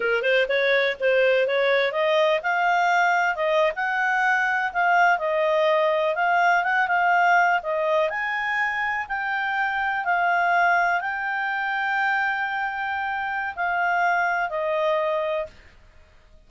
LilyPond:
\new Staff \with { instrumentName = "clarinet" } { \time 4/4 \tempo 4 = 124 ais'8 c''8 cis''4 c''4 cis''4 | dis''4 f''2 dis''8. fis''16~ | fis''4.~ fis''16 f''4 dis''4~ dis''16~ | dis''8. f''4 fis''8 f''4. dis''16~ |
dis''8. gis''2 g''4~ g''16~ | g''8. f''2 g''4~ g''16~ | g''1 | f''2 dis''2 | }